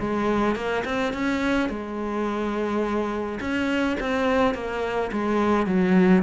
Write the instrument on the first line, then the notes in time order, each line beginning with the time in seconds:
cello
0.00 G#3
0.56 A#3
0.85 C4
1.14 C#4
1.70 G#3
3.41 C#4
4.00 C4
4.55 A#3
5.13 G#3
5.67 F#3